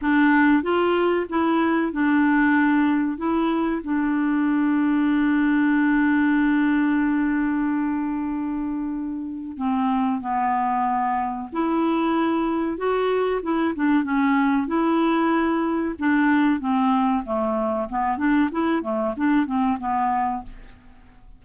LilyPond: \new Staff \with { instrumentName = "clarinet" } { \time 4/4 \tempo 4 = 94 d'4 f'4 e'4 d'4~ | d'4 e'4 d'2~ | d'1~ | d'2. c'4 |
b2 e'2 | fis'4 e'8 d'8 cis'4 e'4~ | e'4 d'4 c'4 a4 | b8 d'8 e'8 a8 d'8 c'8 b4 | }